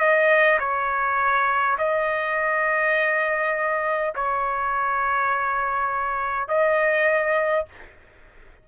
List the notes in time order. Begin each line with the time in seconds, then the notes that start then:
0.00 D#5
0.59 C#5
1.79 D#5
4.15 C#5
6.49 D#5